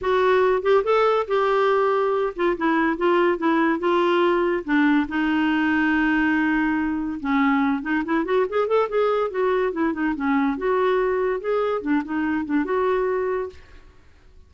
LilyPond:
\new Staff \with { instrumentName = "clarinet" } { \time 4/4 \tempo 4 = 142 fis'4. g'8 a'4 g'4~ | g'4. f'8 e'4 f'4 | e'4 f'2 d'4 | dis'1~ |
dis'4 cis'4. dis'8 e'8 fis'8 | gis'8 a'8 gis'4 fis'4 e'8 dis'8 | cis'4 fis'2 gis'4 | d'8 dis'4 d'8 fis'2 | }